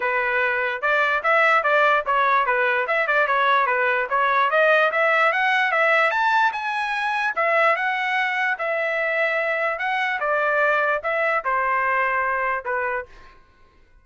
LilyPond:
\new Staff \with { instrumentName = "trumpet" } { \time 4/4 \tempo 4 = 147 b'2 d''4 e''4 | d''4 cis''4 b'4 e''8 d''8 | cis''4 b'4 cis''4 dis''4 | e''4 fis''4 e''4 a''4 |
gis''2 e''4 fis''4~ | fis''4 e''2. | fis''4 d''2 e''4 | c''2. b'4 | }